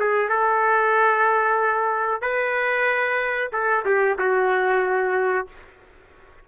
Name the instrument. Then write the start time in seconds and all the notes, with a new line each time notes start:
trumpet
0.00 G#4
0.30 A4
2.22 B4
3.53 A4
3.86 G4
4.18 F#4